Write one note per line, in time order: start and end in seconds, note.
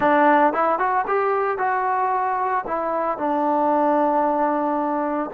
0.00 0.53 D4
0.53 0.78 E4
0.78 1.05 F#4
1.07 1.58 G4
1.58 2.64 F#4
2.66 3.17 E4
3.17 5.30 D4